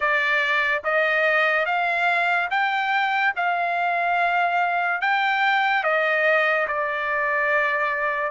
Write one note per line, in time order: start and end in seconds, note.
0.00 0.82 D5
0.84 1.65 D#5
1.65 2.48 F5
2.50 3.33 G5
3.35 5.01 F5
5.01 5.83 G5
5.83 6.67 D#5
6.67 8.31 D5